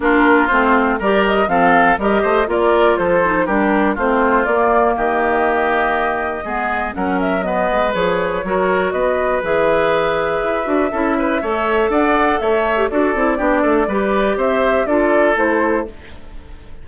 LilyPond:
<<
  \new Staff \with { instrumentName = "flute" } { \time 4/4 \tempo 4 = 121 ais'4 c''4 d''8 dis''8 f''4 | dis''4 d''4 c''4 ais'4 | c''4 d''4 dis''2~ | dis''2 fis''8 e''8 dis''4 |
cis''2 dis''4 e''4~ | e''1 | fis''4 e''4 d''2~ | d''4 e''4 d''4 c''4 | }
  \new Staff \with { instrumentName = "oboe" } { \time 4/4 f'2 ais'4 a'4 | ais'8 c''8 ais'4 a'4 g'4 | f'2 g'2~ | g'4 gis'4 ais'4 b'4~ |
b'4 ais'4 b'2~ | b'2 a'8 b'8 cis''4 | d''4 cis''4 a'4 g'8 a'8 | b'4 c''4 a'2 | }
  \new Staff \with { instrumentName = "clarinet" } { \time 4/4 d'4 c'4 g'4 c'4 | g'4 f'4. dis'8 d'4 | c'4 ais2.~ | ais4 b4 cis'4 b4 |
gis'4 fis'2 gis'4~ | gis'4. fis'8 e'4 a'4~ | a'4.~ a'16 g'16 fis'8 e'8 d'4 | g'2 f'4 e'4 | }
  \new Staff \with { instrumentName = "bassoon" } { \time 4/4 ais4 a4 g4 f4 | g8 a8 ais4 f4 g4 | a4 ais4 dis2~ | dis4 gis4 fis4. gis8 |
f4 fis4 b4 e4~ | e4 e'8 d'8 cis'4 a4 | d'4 a4 d'8 c'8 b8 a8 | g4 c'4 d'4 a4 | }
>>